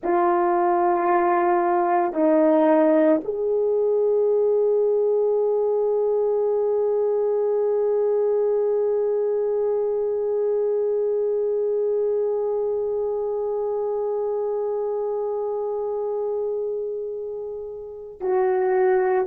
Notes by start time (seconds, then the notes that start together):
0.03 F4
2.13 D#4
3.24 G#4
18.20 F#4